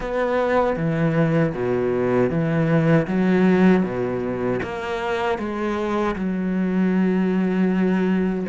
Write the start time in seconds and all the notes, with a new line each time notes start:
0.00 B3
0.76 E3
1.54 B2
2.29 E3
3.07 F#3
3.83 B2
4.63 A#3
5.38 G#3
6.15 F#3